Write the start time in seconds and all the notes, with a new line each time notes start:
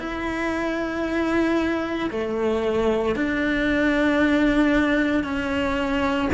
0.00 E4
2.11 A3
3.16 D4
5.24 C#4